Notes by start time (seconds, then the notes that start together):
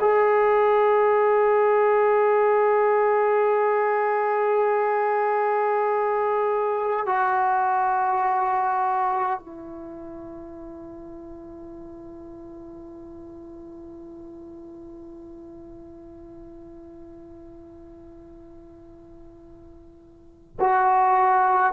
0.00 G#4
7.06 F#4
9.39 E4
20.59 F#4